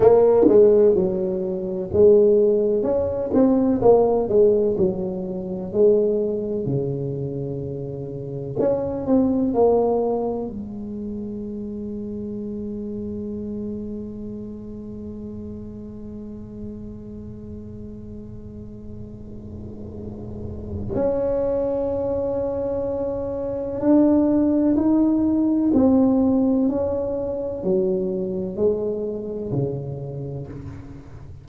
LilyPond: \new Staff \with { instrumentName = "tuba" } { \time 4/4 \tempo 4 = 63 ais8 gis8 fis4 gis4 cis'8 c'8 | ais8 gis8 fis4 gis4 cis4~ | cis4 cis'8 c'8 ais4 gis4~ | gis1~ |
gis1~ | gis2 cis'2~ | cis'4 d'4 dis'4 c'4 | cis'4 fis4 gis4 cis4 | }